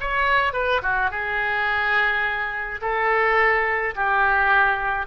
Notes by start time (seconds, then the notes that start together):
0.00 C#5
0.53 B4
0.82 F#4
1.11 G#4
2.81 A4
3.95 G4